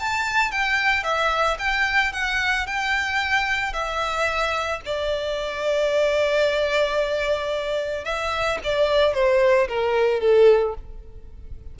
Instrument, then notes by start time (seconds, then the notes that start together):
violin
0.00 A5
0.52 G5
1.04 E5
1.59 G5
2.13 F#5
2.67 G5
3.73 E5
4.86 D5
8.05 E5
8.64 D5
9.14 C5
9.68 A#4
10.21 A4